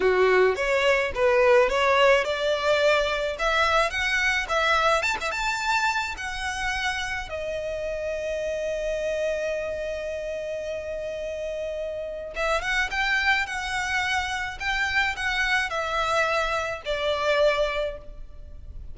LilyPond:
\new Staff \with { instrumentName = "violin" } { \time 4/4 \tempo 4 = 107 fis'4 cis''4 b'4 cis''4 | d''2 e''4 fis''4 | e''4 a''16 e''16 a''4. fis''4~ | fis''4 dis''2.~ |
dis''1~ | dis''2 e''8 fis''8 g''4 | fis''2 g''4 fis''4 | e''2 d''2 | }